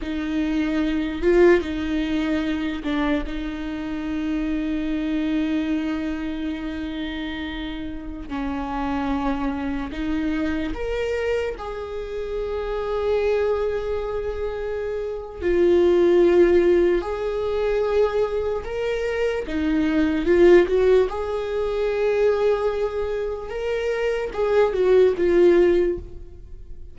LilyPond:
\new Staff \with { instrumentName = "viola" } { \time 4/4 \tempo 4 = 74 dis'4. f'8 dis'4. d'8 | dis'1~ | dis'2~ dis'16 cis'4.~ cis'16~ | cis'16 dis'4 ais'4 gis'4.~ gis'16~ |
gis'2. f'4~ | f'4 gis'2 ais'4 | dis'4 f'8 fis'8 gis'2~ | gis'4 ais'4 gis'8 fis'8 f'4 | }